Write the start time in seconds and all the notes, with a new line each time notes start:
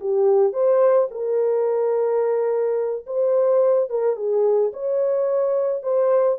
0.00 G4
0.53 C5
1.11 A#4
3.07 C5
3.90 A#4
4.16 G#4
4.73 C#5
5.83 C5